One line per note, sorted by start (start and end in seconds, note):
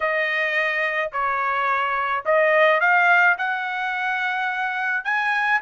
0.00 1.10 D#5
1.12 2.24 C#5
2.25 2.80 D#5
2.80 3.36 F5
3.37 5.04 F#5
5.04 5.60 G#5